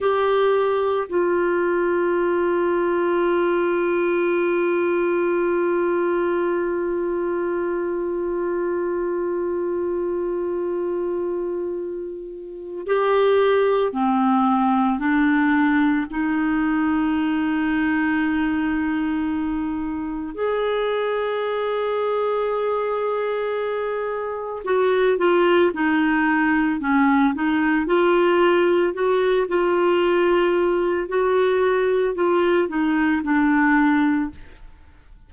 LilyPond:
\new Staff \with { instrumentName = "clarinet" } { \time 4/4 \tempo 4 = 56 g'4 f'2.~ | f'1~ | f'1 | g'4 c'4 d'4 dis'4~ |
dis'2. gis'4~ | gis'2. fis'8 f'8 | dis'4 cis'8 dis'8 f'4 fis'8 f'8~ | f'4 fis'4 f'8 dis'8 d'4 | }